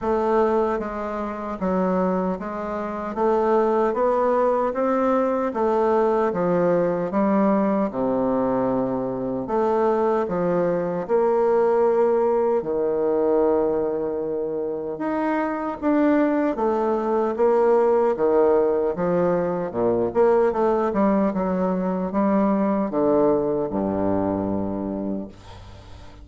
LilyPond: \new Staff \with { instrumentName = "bassoon" } { \time 4/4 \tempo 4 = 76 a4 gis4 fis4 gis4 | a4 b4 c'4 a4 | f4 g4 c2 | a4 f4 ais2 |
dis2. dis'4 | d'4 a4 ais4 dis4 | f4 ais,8 ais8 a8 g8 fis4 | g4 d4 g,2 | }